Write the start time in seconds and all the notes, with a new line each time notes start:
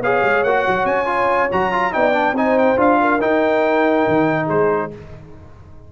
0.00 B3 G#4 C#5 F5
0.23 G#3
0.43 A#3 F#4 F#5
0.67 F#3
0.85 C#4 G#5
1.06 F4
1.51 F#3 F#4 A#5
1.72 F4
1.92 B3 D#4 D5 G5
2.13 D4
2.32 C4 D#4 C5 G#5
2.58 G5
2.77 D4 F4 F5
3.01 A#4
3.21 D#4 G5
4.08 D#3
4.46 G#3 G#4 C5